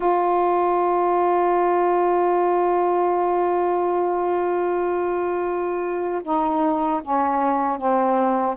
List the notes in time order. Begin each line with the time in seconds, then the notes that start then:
0.00 F4
6.23 D#4
7.03 C#4
7.77 C4